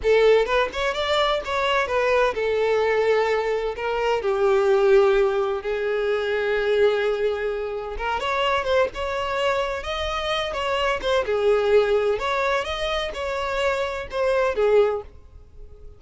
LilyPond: \new Staff \with { instrumentName = "violin" } { \time 4/4 \tempo 4 = 128 a'4 b'8 cis''8 d''4 cis''4 | b'4 a'2. | ais'4 g'2. | gis'1~ |
gis'4 ais'8 cis''4 c''8 cis''4~ | cis''4 dis''4. cis''4 c''8 | gis'2 cis''4 dis''4 | cis''2 c''4 gis'4 | }